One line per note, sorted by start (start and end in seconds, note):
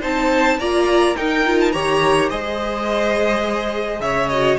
0.00 0.58 C4
0.00 0.58 D#4
0.00 0.57 C5
0.00 0.60 A5
0.58 1.16 A#3
0.58 1.16 F4
0.58 1.16 D5
0.58 1.16 A#5
1.16 1.44 D#4
1.16 1.74 D#4
1.16 1.73 A#4
1.16 1.59 G5
1.46 1.73 F4
1.60 1.72 A5
1.72 2.31 D#3
1.72 2.30 G4
1.72 2.30 C#5
1.72 2.29 A#5
2.30 4.00 G#3
2.30 4.30 G#4
2.30 4.01 C5
2.30 4.01 D#5
4.00 4.57 C#3
4.00 4.59 C#5
4.00 4.29 E5
4.29 4.59 F#4
4.29 4.57 D#5